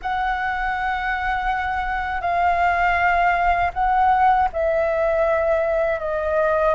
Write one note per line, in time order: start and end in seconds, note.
0.02 2.21 F#5
2.21 3.71 F5
3.73 4.48 F#5
4.52 5.99 E5
5.99 6.74 D#5